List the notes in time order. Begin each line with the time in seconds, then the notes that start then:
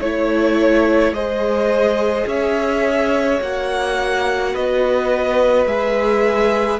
0.00 A3 E4 C#5
1.11 G#3 G#4 C5 D#5
2.26 C#4 C#5 E5
3.41 A#3 F#4 F#5
4.53 B3 B4 D#5
5.65 G#3 G#4 E5